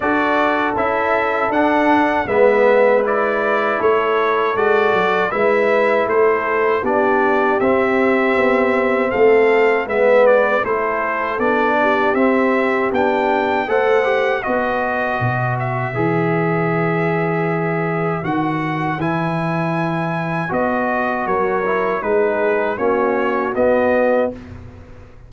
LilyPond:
<<
  \new Staff \with { instrumentName = "trumpet" } { \time 4/4 \tempo 4 = 79 d''4 e''4 fis''4 e''4 | d''4 cis''4 d''4 e''4 | c''4 d''4 e''2 | f''4 e''8 d''8 c''4 d''4 |
e''4 g''4 fis''4 dis''4~ | dis''8 e''2.~ e''8 | fis''4 gis''2 dis''4 | cis''4 b'4 cis''4 dis''4 | }
  \new Staff \with { instrumentName = "horn" } { \time 4/4 a'2. b'4~ | b'4 a'2 b'4 | a'4 g'2. | a'4 b'4 a'4. g'8~ |
g'2 c''4 b'4~ | b'1~ | b'1 | ais'4 gis'4 fis'2 | }
  \new Staff \with { instrumentName = "trombone" } { \time 4/4 fis'4 e'4 d'4 b4 | e'2 fis'4 e'4~ | e'4 d'4 c'2~ | c'4 b4 e'4 d'4 |
c'4 d'4 a'8 g'8 fis'4~ | fis'4 gis'2. | fis'4 e'2 fis'4~ | fis'8 e'8 dis'4 cis'4 b4 | }
  \new Staff \with { instrumentName = "tuba" } { \time 4/4 d'4 cis'4 d'4 gis4~ | gis4 a4 gis8 fis8 gis4 | a4 b4 c'4 b4 | a4 gis4 a4 b4 |
c'4 b4 a4 b4 | b,4 e2. | dis4 e2 b4 | fis4 gis4 ais4 b4 | }
>>